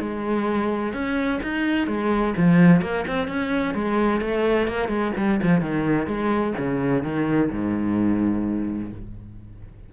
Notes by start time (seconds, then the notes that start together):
0.00 G#3
0.93 C#4
1.43 D#4
1.87 G#3
2.37 F3
2.82 A#3
3.07 C4
3.28 C#4
3.75 G#3
4.21 A3
4.68 A#3
4.89 G#3
5.17 G3
5.43 F3
5.61 D#3
6.07 G#3
6.58 C#3
7.04 D#3
7.51 G#2